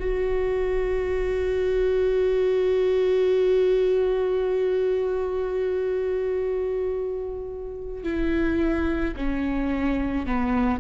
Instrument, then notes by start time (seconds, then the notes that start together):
viola
0.00 F#4
8.04 E4
9.17 C#4
10.27 B3